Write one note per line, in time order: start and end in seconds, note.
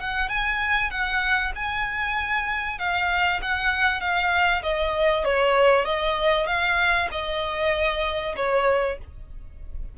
0.00 0.29 F#5
0.29 0.91 G#5
0.91 1.52 F#5
1.55 2.79 G#5
2.79 3.41 F5
3.42 4.01 F#5
4.01 4.63 F5
4.63 5.25 D#5
5.25 5.85 C#5
5.85 6.47 D#5
6.47 7.09 F5
7.11 8.35 D#5
8.36 8.98 C#5